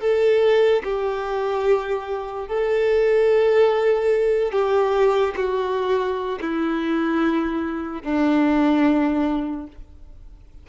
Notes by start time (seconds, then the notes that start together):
0.00 A4
0.84 G4
2.47 A4
4.52 G4
5.36 F#4
6.41 E4
8.02 D4